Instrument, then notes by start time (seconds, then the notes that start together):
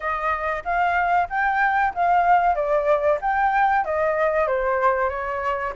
flute
0.00 D#5
0.64 F5
1.29 G5
1.94 F5
2.55 D5
3.21 G5
3.85 D#5
4.47 C5
5.09 C#5